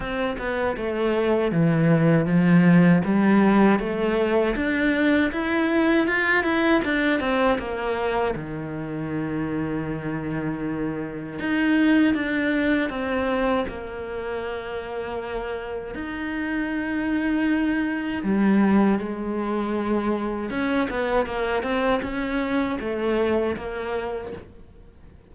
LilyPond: \new Staff \with { instrumentName = "cello" } { \time 4/4 \tempo 4 = 79 c'8 b8 a4 e4 f4 | g4 a4 d'4 e'4 | f'8 e'8 d'8 c'8 ais4 dis4~ | dis2. dis'4 |
d'4 c'4 ais2~ | ais4 dis'2. | g4 gis2 cis'8 b8 | ais8 c'8 cis'4 a4 ais4 | }